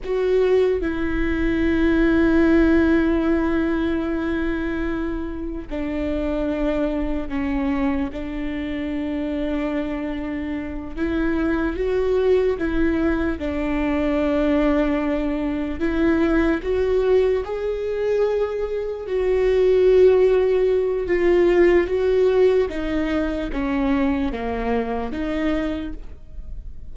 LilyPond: \new Staff \with { instrumentName = "viola" } { \time 4/4 \tempo 4 = 74 fis'4 e'2.~ | e'2. d'4~ | d'4 cis'4 d'2~ | d'4. e'4 fis'4 e'8~ |
e'8 d'2. e'8~ | e'8 fis'4 gis'2 fis'8~ | fis'2 f'4 fis'4 | dis'4 cis'4 ais4 dis'4 | }